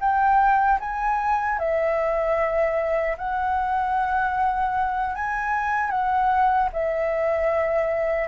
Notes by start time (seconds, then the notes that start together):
0.00 G5
0.80 G#5
1.59 E5
3.18 F#5
5.15 G#5
5.90 F#5
6.73 E5